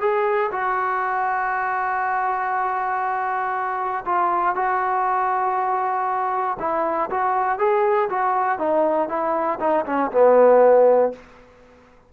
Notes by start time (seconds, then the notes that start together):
0.00 G#4
0.52 F#4
4.05 F4
4.56 F#4
6.59 E4
7.10 F#4
7.59 G#4
8.09 F#4
8.59 D#4
9.09 E4
9.60 D#4
9.86 C#4
10.12 B3